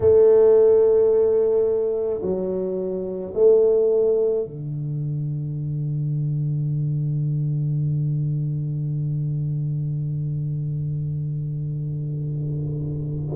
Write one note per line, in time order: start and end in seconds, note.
0.00 2.20 A3
2.22 3.33 F#3
3.34 4.45 A3
4.45 13.34 D3